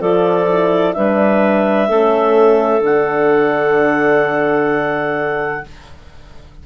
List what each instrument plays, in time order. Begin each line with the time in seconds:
0.00 bassoon F3, horn F4, clarinet A4 D5
0.48 horn E4
0.93 bassoon G3, horn D4, clarinet B4 E5
1.88 bassoon A3, horn C#4, clarinet A4
2.79 bassoon D3, horn D4, clarinet F#5